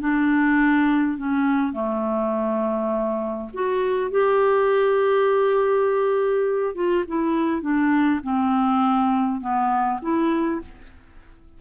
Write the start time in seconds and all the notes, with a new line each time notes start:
0.00 D4
1.18 C#4
1.73 A3
3.53 F#4
4.11 G4
6.75 F4
7.08 E4
7.61 D4
8.24 C4
9.41 B3
10.02 E4